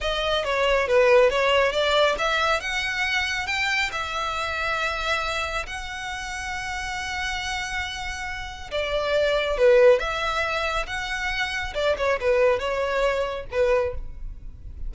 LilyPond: \new Staff \with { instrumentName = "violin" } { \time 4/4 \tempo 4 = 138 dis''4 cis''4 b'4 cis''4 | d''4 e''4 fis''2 | g''4 e''2.~ | e''4 fis''2.~ |
fis''1 | d''2 b'4 e''4~ | e''4 fis''2 d''8 cis''8 | b'4 cis''2 b'4 | }